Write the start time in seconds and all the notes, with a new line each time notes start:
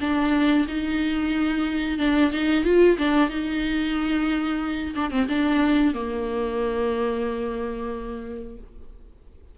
0.00 D4
0.68 D#4
1.98 D4
2.31 D#4
2.64 F4
2.98 D4
3.29 D#4
4.95 D4
5.10 C4
5.29 D4
5.94 A#3